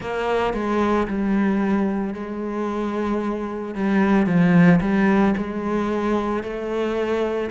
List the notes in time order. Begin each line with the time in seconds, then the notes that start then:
0.00 A#3
0.54 G#3
1.07 G3
2.14 G#3
3.75 G3
4.26 F3
4.81 G3
5.37 G#3
6.43 A3